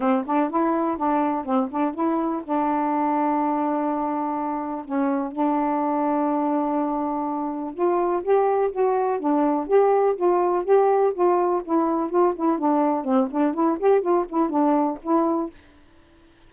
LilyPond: \new Staff \with { instrumentName = "saxophone" } { \time 4/4 \tempo 4 = 124 c'8 d'8 e'4 d'4 c'8 d'8 | e'4 d'2.~ | d'2 cis'4 d'4~ | d'1 |
f'4 g'4 fis'4 d'4 | g'4 f'4 g'4 f'4 | e'4 f'8 e'8 d'4 c'8 d'8 | e'8 g'8 f'8 e'8 d'4 e'4 | }